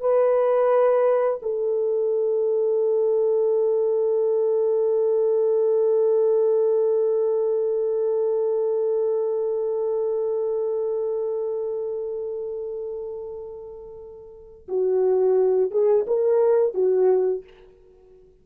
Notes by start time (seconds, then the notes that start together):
0.00 B4
1.42 A4
14.68 F#4
15.71 G#4
16.07 A#4
16.74 F#4